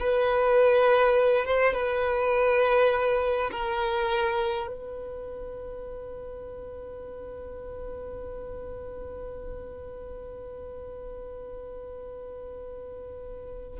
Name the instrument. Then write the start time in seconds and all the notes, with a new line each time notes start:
violin
0.00 B4
1.45 C5
1.74 B4
3.51 A#4
4.67 B4